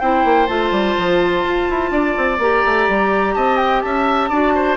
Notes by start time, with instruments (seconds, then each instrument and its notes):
0.00 bassoon C4, clarinet E4, oboe C5, flute G5
0.25 bassoon A#3
0.47 bassoon A3, clarinet F4, flute A5
0.72 bassoon G3
0.98 bassoon F3
1.44 bassoon F4
1.70 bassoon E4
1.91 bassoon D4, oboe D5
2.18 bassoon C4
2.39 bassoon A#3, clarinet G4, flute A#5
2.66 bassoon A3
2.89 bassoon G3
3.35 bassoon C4, oboe D#5, flute A5
3.57 flute G5
3.81 bassoon C#4, oboe E5, flute A5
4.30 bassoon D4, clarinet F#4, oboe D5
4.55 oboe C5